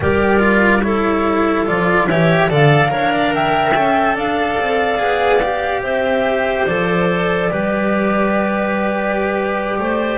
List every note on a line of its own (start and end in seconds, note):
0.00 1.67 G3
0.00 0.39 G4
0.00 0.84 A#4
0.00 0.81 D5
0.39 0.81 F4
0.81 1.65 E4
0.81 2.08 A4
0.81 1.64 C#5
1.65 2.07 F3
1.65 2.07 F4
1.65 2.08 D5
2.07 2.49 E3
2.07 2.50 G4
2.07 2.49 C#5
2.07 2.50 E5
2.49 2.91 D3
2.49 2.88 A4
2.49 2.91 D5
2.49 3.34 F5
2.88 3.75 D4
2.88 3.71 A#4
2.88 3.12 C#5
3.12 3.33 D5
3.34 4.15 E5
3.34 4.17 G5
3.74 4.16 C#4
3.74 4.98 A4
4.15 4.57 D4
4.15 5.82 D5
4.15 5.83 F5
4.59 5.00 C4
4.98 5.82 B3
4.98 5.40 G#4
5.42 6.67 G4
5.82 6.65 C4
5.82 7.49 C5
5.82 6.66 E5
6.66 7.50 F3
6.66 7.51 A4
6.66 10.17 D5
7.50 9.79 G3
7.50 10.17 G4
7.50 9.80 B4
9.79 10.17 A3
9.79 10.17 C5